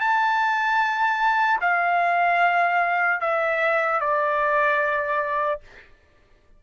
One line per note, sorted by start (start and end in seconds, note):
0.00 1.60 A5
1.61 3.21 F5
3.21 4.00 E5
4.00 5.60 D5